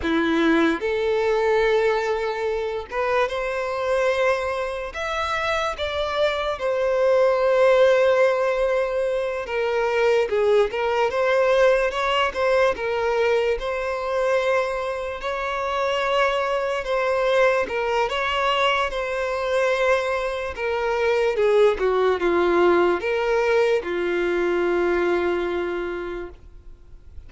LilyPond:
\new Staff \with { instrumentName = "violin" } { \time 4/4 \tempo 4 = 73 e'4 a'2~ a'8 b'8 | c''2 e''4 d''4 | c''2.~ c''8 ais'8~ | ais'8 gis'8 ais'8 c''4 cis''8 c''8 ais'8~ |
ais'8 c''2 cis''4.~ | cis''8 c''4 ais'8 cis''4 c''4~ | c''4 ais'4 gis'8 fis'8 f'4 | ais'4 f'2. | }